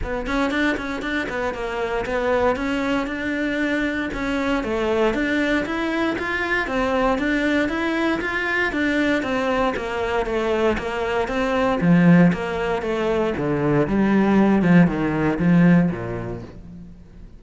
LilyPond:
\new Staff \with { instrumentName = "cello" } { \time 4/4 \tempo 4 = 117 b8 cis'8 d'8 cis'8 d'8 b8 ais4 | b4 cis'4 d'2 | cis'4 a4 d'4 e'4 | f'4 c'4 d'4 e'4 |
f'4 d'4 c'4 ais4 | a4 ais4 c'4 f4 | ais4 a4 d4 g4~ | g8 f8 dis4 f4 ais,4 | }